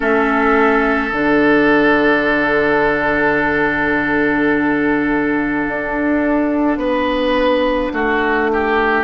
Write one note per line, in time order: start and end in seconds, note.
0.00 1.12 A3
0.00 1.10 C#4
0.00 6.78 A4
0.00 1.13 E5
1.11 5.65 D3
1.11 9.04 D4
1.11 9.04 F#5
5.67 6.77 D4
6.77 7.90 B3
6.77 7.92 B4
7.92 9.04 A3
7.92 8.50 F#4
8.52 9.04 G4